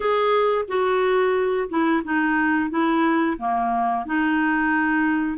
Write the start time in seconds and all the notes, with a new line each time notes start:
0.00 G#4
0.67 F#4
1.69 E4
2.04 D#4
2.70 E4
3.38 A#3
4.05 D#4